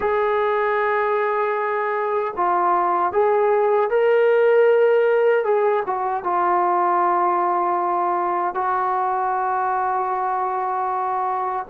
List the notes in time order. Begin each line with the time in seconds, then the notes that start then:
0.00 G#4
2.36 F4
3.12 G#4
3.90 A#4
5.44 G#4
5.85 F#4
6.23 F4
8.54 F#4